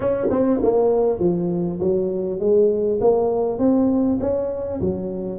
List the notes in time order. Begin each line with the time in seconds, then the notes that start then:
0.00 C#4
0.30 C4
0.62 A#3
1.19 F3
1.80 F#3
2.39 G#3
3.00 A#3
3.58 C4
4.20 C#4
4.80 F#3